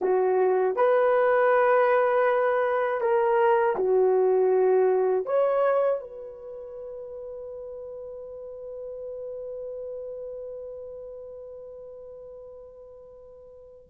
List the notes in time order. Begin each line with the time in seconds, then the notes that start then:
0.01 F#4
0.76 B4
3.00 A#4
3.76 F#4
5.25 C#5
6.00 B4